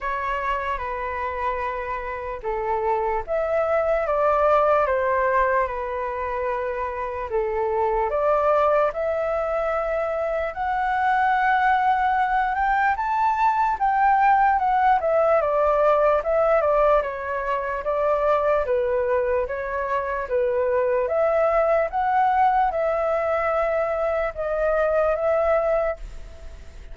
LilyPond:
\new Staff \with { instrumentName = "flute" } { \time 4/4 \tempo 4 = 74 cis''4 b'2 a'4 | e''4 d''4 c''4 b'4~ | b'4 a'4 d''4 e''4~ | e''4 fis''2~ fis''8 g''8 |
a''4 g''4 fis''8 e''8 d''4 | e''8 d''8 cis''4 d''4 b'4 | cis''4 b'4 e''4 fis''4 | e''2 dis''4 e''4 | }